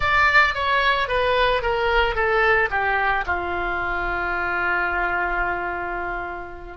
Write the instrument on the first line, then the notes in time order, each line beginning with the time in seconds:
oboe
0.00 D5
0.54 C#5
1.08 B4
1.61 A#4
2.15 A4
2.70 G4
3.26 F4